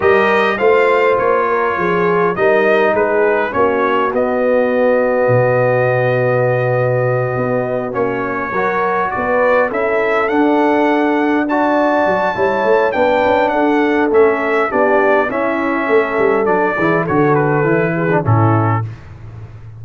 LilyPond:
<<
  \new Staff \with { instrumentName = "trumpet" } { \time 4/4 \tempo 4 = 102 dis''4 f''4 cis''2 | dis''4 b'4 cis''4 dis''4~ | dis''1~ | dis''4. cis''2 d''8~ |
d''8 e''4 fis''2 a''8~ | a''2 g''4 fis''4 | e''4 d''4 e''2 | d''4 cis''8 b'4. a'4 | }
  \new Staff \with { instrumentName = "horn" } { \time 4/4 ais'4 c''4. ais'8 gis'4 | ais'4 gis'4 fis'2~ | fis'1~ | fis'2~ fis'8 ais'4 b'8~ |
b'8 a'2. d''8~ | d''4 cis''4 b'4 a'4~ | a'4 g'4 e'4 a'4~ | a'8 gis'8 a'4. gis'8 e'4 | }
  \new Staff \with { instrumentName = "trombone" } { \time 4/4 g'4 f'2. | dis'2 cis'4 b4~ | b1~ | b4. cis'4 fis'4.~ |
fis'8 e'4 d'2 fis'8~ | fis'4 e'4 d'2 | cis'4 d'4 cis'2 | d'8 e'8 fis'4 e'8. d'16 cis'4 | }
  \new Staff \with { instrumentName = "tuba" } { \time 4/4 g4 a4 ais4 f4 | g4 gis4 ais4 b4~ | b4 b,2.~ | b,8 b4 ais4 fis4 b8~ |
b8 cis'4 d'2~ d'8~ | d'8 fis8 g8 a8 b8 cis'8 d'4 | a4 b4 cis'4 a8 g8 | fis8 e8 d4 e4 a,4 | }
>>